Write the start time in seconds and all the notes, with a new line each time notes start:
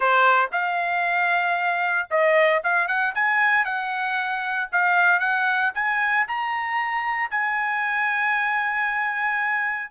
0.00 C5
0.51 F5
2.10 D#5
2.63 F5
2.87 F#5
3.14 G#5
3.65 F#5
4.71 F5
5.19 F#5
5.74 G#5
6.27 A#5
7.30 G#5